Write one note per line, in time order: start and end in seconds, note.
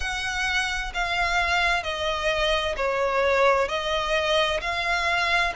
0.00 0.92 F#5
0.94 1.83 F5
1.83 2.75 D#5
2.76 3.68 C#5
3.68 4.60 D#5
4.61 5.53 F5